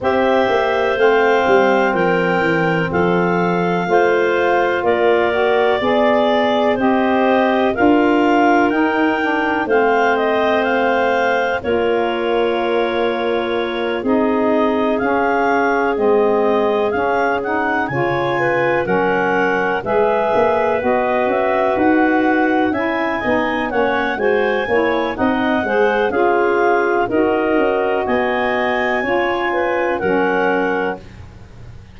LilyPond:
<<
  \new Staff \with { instrumentName = "clarinet" } { \time 4/4 \tempo 4 = 62 e''4 f''4 g''4 f''4~ | f''4 d''2 dis''4 | f''4 g''4 f''8 dis''8 f''4 | cis''2~ cis''8 dis''4 f''8~ |
f''8 dis''4 f''8 fis''8 gis''4 fis''8~ | fis''8 e''4 dis''8 e''8 fis''4 gis''8~ | gis''8 fis''8 gis''4 fis''4 f''4 | dis''4 gis''2 fis''4 | }
  \new Staff \with { instrumentName = "clarinet" } { \time 4/4 c''2 ais'4 a'4 | c''4 ais'4 d''4 c''4 | ais'2 c''2 | ais'2~ ais'8 gis'4.~ |
gis'2~ gis'8 cis''8 b'8 ais'8~ | ais'8 b'2. e''8 | dis''8 cis''8 c''8 cis''8 dis''8 c''8 gis'4 | ais'4 dis''4 cis''8 b'8 ais'4 | }
  \new Staff \with { instrumentName = "saxophone" } { \time 4/4 g'4 c'2. | f'4. fis'8 gis'4 g'4 | f'4 dis'8 d'8 c'2 | f'2~ f'8 dis'4 cis'8~ |
cis'8 c'4 cis'8 dis'8 f'4 cis'8~ | cis'8 gis'4 fis'2 e'8 | dis'8 cis'8 fis'8 e'8 dis'8 gis'8 f'4 | fis'2 f'4 cis'4 | }
  \new Staff \with { instrumentName = "tuba" } { \time 4/4 c'8 ais8 a8 g8 f8 e8 f4 | a4 ais4 b4 c'4 | d'4 dis'4 a2 | ais2~ ais8 c'4 cis'8~ |
cis'8 gis4 cis'4 cis4 fis8~ | fis8 gis8 ais8 b8 cis'8 dis'4 cis'8 | b8 ais8 gis8 ais8 c'8 gis8 cis'4 | dis'8 cis'8 b4 cis'4 fis4 | }
>>